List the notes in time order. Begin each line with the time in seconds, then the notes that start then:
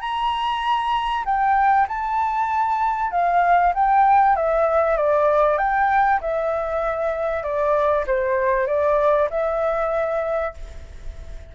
0.00 A#5
1.25 G5
1.88 A5
3.11 F5
3.74 G5
4.36 E5
4.97 D5
5.58 G5
6.21 E5
7.43 D5
8.07 C5
8.67 D5
9.30 E5